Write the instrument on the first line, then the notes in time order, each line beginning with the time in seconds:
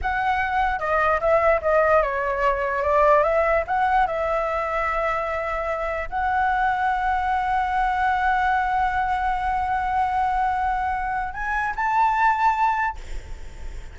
flute
0.01 F#5
0.79 D#5
1.20 E5
1.61 D#5
2.02 C#5
2.82 D5
3.23 E5
3.67 F#5
4.06 E5
6.09 F#5
11.33 G#5
11.75 A5